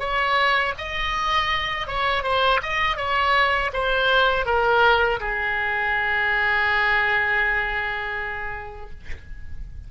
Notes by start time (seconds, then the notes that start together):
0.00 C#5
0.78 D#5
1.88 C#5
2.24 C5
2.63 D#5
2.97 C#5
3.73 C5
4.46 A#4
5.21 G#4